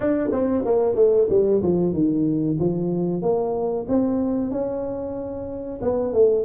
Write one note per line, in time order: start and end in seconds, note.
0.00 0.30 D4
0.32 0.64 C4
0.65 0.95 A#3
0.95 1.27 A3
1.29 1.61 G3
1.62 1.93 F3
1.93 2.57 D#3
2.59 3.22 F3
3.22 3.86 A#3
3.88 4.51 C4
4.51 5.80 C#4
5.81 6.13 B3
6.13 6.45 A3